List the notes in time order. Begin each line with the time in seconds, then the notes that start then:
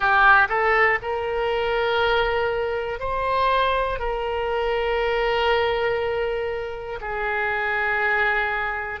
0.00 G4
0.48 A4
1.01 A#4
2.99 C5
3.99 A#4
7.00 G#4